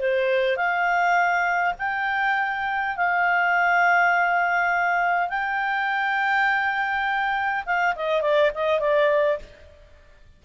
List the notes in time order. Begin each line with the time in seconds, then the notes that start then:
0.00 C5
0.57 F5
1.79 G5
2.97 F5
5.30 G5
7.66 F5
7.96 D#5
8.22 D5
8.55 D#5
8.80 D5